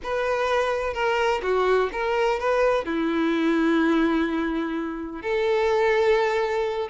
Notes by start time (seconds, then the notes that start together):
0.03 B4
0.93 A#4
1.42 F#4
1.92 A#4
2.39 B4
2.85 E4
5.22 A4